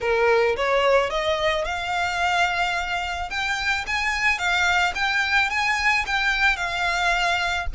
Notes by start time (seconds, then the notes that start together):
0.01 A#4
0.56 C#5
1.10 D#5
1.64 F5
3.30 G5
3.87 G#5
4.38 F5
4.94 G5
5.49 G#5
6.06 G5
6.56 F5